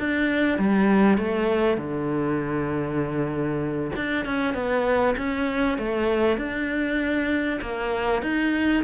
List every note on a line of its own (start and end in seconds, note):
0.00 0.58 D4
0.58 1.18 G3
1.18 1.78 A3
1.78 3.92 D3
3.96 4.26 D4
4.26 4.54 C#4
4.54 5.16 B3
5.18 5.79 C#4
5.79 6.38 A3
6.38 7.60 D4
7.62 8.23 A#3
8.23 8.84 D#4